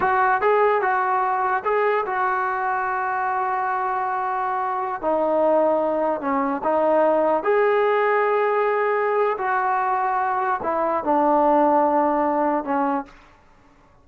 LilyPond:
\new Staff \with { instrumentName = "trombone" } { \time 4/4 \tempo 4 = 147 fis'4 gis'4 fis'2 | gis'4 fis'2.~ | fis'1~ | fis'16 dis'2. cis'8.~ |
cis'16 dis'2 gis'4.~ gis'16~ | gis'2. fis'4~ | fis'2 e'4 d'4~ | d'2. cis'4 | }